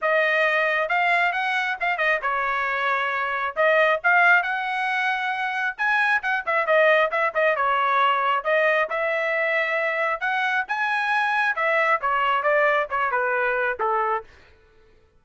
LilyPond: \new Staff \with { instrumentName = "trumpet" } { \time 4/4 \tempo 4 = 135 dis''2 f''4 fis''4 | f''8 dis''8 cis''2. | dis''4 f''4 fis''2~ | fis''4 gis''4 fis''8 e''8 dis''4 |
e''8 dis''8 cis''2 dis''4 | e''2. fis''4 | gis''2 e''4 cis''4 | d''4 cis''8 b'4. a'4 | }